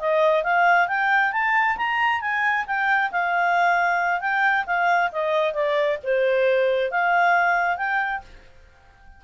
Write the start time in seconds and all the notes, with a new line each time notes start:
0.00 D#5
0.44 F5
0.88 G5
1.33 A5
1.77 A#5
2.21 G#5
2.67 G5
3.12 F5
4.21 G5
4.66 F5
5.12 D#5
5.54 D5
6.04 C5
6.92 F5
7.77 G5